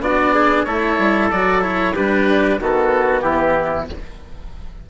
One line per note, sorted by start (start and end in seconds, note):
0.00 0.65 B3
0.00 0.67 D4
0.00 0.34 F#4
0.00 0.64 D5
0.34 0.67 G#4
0.64 0.99 A3
0.64 1.31 E4
0.64 1.95 A4
0.64 1.29 C#5
0.99 1.31 G3
1.31 1.97 F#3
1.31 1.62 F#4
1.31 1.63 D5
1.62 1.94 E4
1.62 1.95 C#5
1.95 2.60 G3
1.95 2.61 D4
1.95 2.60 G4
1.95 2.60 B4
2.60 3.24 D#3
2.60 3.90 B3
2.60 3.24 F#4
2.60 3.21 A4
3.21 3.90 E3
3.21 3.89 E4
3.21 3.86 G4